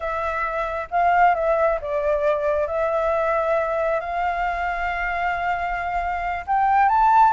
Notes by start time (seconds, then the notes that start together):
0.00 E5
0.90 F5
1.34 E5
1.81 D5
2.67 E5
4.00 F5
6.46 G5
6.88 A5